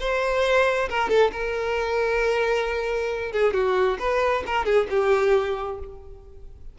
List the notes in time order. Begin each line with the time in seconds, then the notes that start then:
0.00 C5
0.89 A#4
1.09 A4
1.32 A#4
3.32 G#4
3.54 F#4
3.99 B4
4.46 A#4
4.65 G#4
4.90 G4